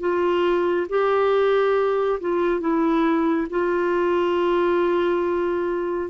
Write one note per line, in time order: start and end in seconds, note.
0.00 0.87 F4
0.89 2.19 G4
2.21 2.60 F4
2.60 3.47 E4
3.50 6.10 F4